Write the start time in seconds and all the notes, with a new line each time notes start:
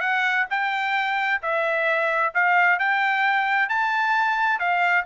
0.00 F#5
0.50 G5
1.42 E5
2.34 F5
2.79 G5
3.69 A5
4.59 F5